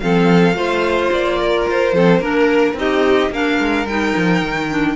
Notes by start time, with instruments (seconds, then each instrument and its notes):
0.00 cello F3, clarinet C4, violin A4 F5
0.55 cello A3, clarinet F4, violin C5
1.11 cello A#3, violin D5
1.41 violin A#4
1.68 cello F4, violin C5
1.93 cello F3, clarinet C4, violin A4
2.19 cello A#3, clarinet D4, violin A#4
2.74 cello C4, clarinet D#4, violin G4 D#5
3.31 cello A#3, clarinet D4, violin A#4 F5
3.59 cello G#3
3.86 cello G3, clarinet D#4, violin G5
4.17 cello F3
4.42 cello D#3
4.70 clarinet D4